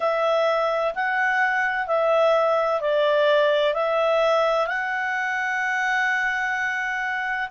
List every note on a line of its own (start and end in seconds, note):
0.00 0.94 E5
0.95 1.87 F#5
1.87 2.80 E5
2.80 3.73 D5
3.73 4.67 E5
4.67 7.48 F#5